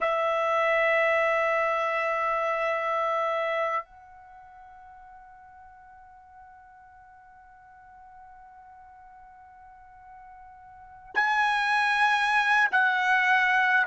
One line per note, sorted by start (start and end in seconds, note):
0.00 3.84 E5
3.84 11.14 F#5
11.14 12.68 G#5
12.71 13.87 F#5